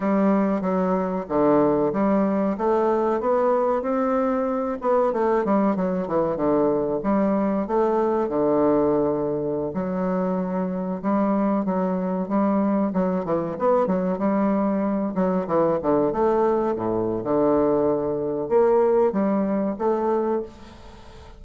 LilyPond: \new Staff \with { instrumentName = "bassoon" } { \time 4/4 \tempo 4 = 94 g4 fis4 d4 g4 | a4 b4 c'4. b8 | a8 g8 fis8 e8 d4 g4 | a4 d2~ d16 fis8.~ |
fis4~ fis16 g4 fis4 g8.~ | g16 fis8 e8 b8 fis8 g4. fis16~ | fis16 e8 d8 a4 a,8. d4~ | d4 ais4 g4 a4 | }